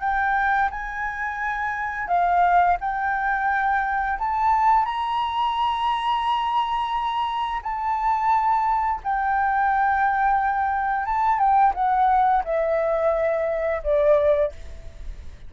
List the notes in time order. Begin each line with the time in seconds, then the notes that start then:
0.00 G5
0.70 G#5
2.08 F5
2.80 G5
4.18 A5
4.85 A#5
7.62 A5
9.03 G5
11.06 A5
11.39 G5
11.74 F#5
12.44 E5
13.83 D5